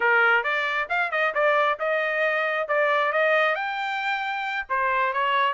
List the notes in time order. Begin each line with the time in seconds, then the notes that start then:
0.00 A#4
0.43 D5
0.89 F5
1.11 D#5
1.34 D5
1.79 D#5
2.68 D5
3.12 D#5
3.55 G5
4.69 C5
5.13 C#5